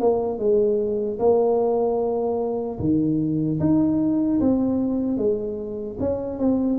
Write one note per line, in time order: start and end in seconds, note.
0.00 0.39 A#3
0.39 1.19 G#3
1.19 2.79 A#3
2.79 3.59 D#3
3.60 4.40 D#4
4.40 5.17 C4
5.17 5.97 G#3
6.00 6.39 C#4
6.39 6.79 C4